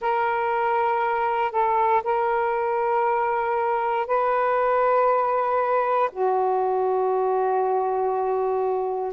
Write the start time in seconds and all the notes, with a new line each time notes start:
0.00 A#4
1.51 A4
2.03 A#4
4.06 B4
6.12 F#4